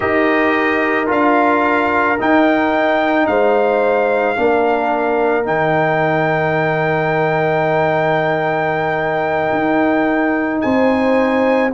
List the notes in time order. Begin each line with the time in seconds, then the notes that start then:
0.00 D#4 G4 A#4 D#5
1.07 D4 F4 F5
2.19 D#4 G5
3.26 G#3 C5 F5
4.35 A#3 D4 A#4
5.43 D#3 D#4 G5
9.52 D#4
10.61 C4 C5 G#5